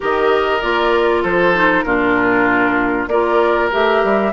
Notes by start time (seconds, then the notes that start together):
0.00 D#3 G4 A#4 D#5
0.61 A#3 F4 D5
1.22 F3 A4 C5
1.54 D#4
1.82 A#2 D4 F4 A#4
3.07 A#3 F4 A#4 D5
3.70 A3 G4 E5
4.03 G3